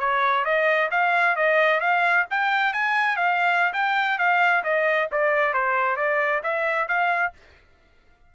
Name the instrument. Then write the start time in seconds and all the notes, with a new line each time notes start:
trumpet
0.00 C#5
0.45 D#5
0.91 F5
1.36 D#5
1.80 F5
2.30 G5
2.74 G#5
3.16 F5
3.73 G5
4.18 F5
4.64 D#5
5.12 D5
5.54 C5
5.97 D5
6.43 E5
6.88 F5